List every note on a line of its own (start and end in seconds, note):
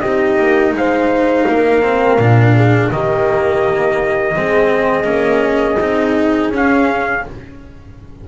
0.00 0.37 C4
0.00 1.82 D#4
0.00 0.73 G4
0.00 0.72 D#5
0.39 0.72 A#3
0.72 1.44 G#3
0.72 1.47 C5
0.72 2.91 F5
1.47 2.17 A#3
1.47 2.56 A#4
1.82 2.18 C4
2.17 2.90 A#2
2.17 2.92 D4
2.56 2.92 G#4
2.91 4.35 D#3
2.91 4.36 A#3
2.91 4.37 G4
2.91 6.53 D#5
4.35 5.04 G#3
4.35 5.03 C4
4.35 7.26 G#4
5.03 5.77 A#3
5.03 5.76 C#4
5.78 6.50 C4
5.78 6.52 D#4
6.50 7.22 C#4
6.50 7.26 C#4
6.50 7.28 F5